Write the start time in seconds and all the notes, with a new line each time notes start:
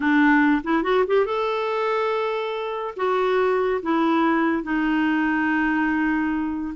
0.00 D4
0.63 E4
0.83 F#4
1.07 G4
1.25 A4
2.96 F#4
3.82 E4
4.63 D#4